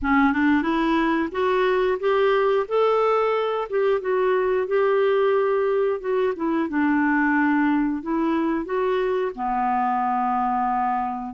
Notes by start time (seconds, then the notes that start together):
0.02 C#4
0.32 D4
0.62 E4
1.32 F#4
1.99 G4
2.68 A4
3.69 G4
4.00 F#4
4.67 G4
6.00 F#4
6.35 E4
6.68 D4
8.02 E4
8.65 F#4
9.35 B3